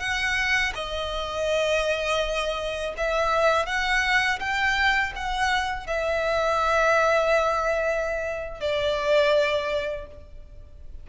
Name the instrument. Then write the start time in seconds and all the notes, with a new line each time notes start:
violin
0.00 F#5
0.75 D#5
2.98 E5
3.66 F#5
4.40 G5
5.16 F#5
5.87 E5
8.60 D5